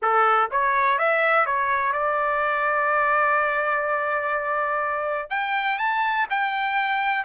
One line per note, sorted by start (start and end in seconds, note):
0.01 0.50 A4
0.51 0.98 C#5
0.98 1.46 E5
1.46 1.92 C#5
1.92 5.29 D5
5.29 5.78 G5
5.78 6.26 A5
6.30 7.24 G5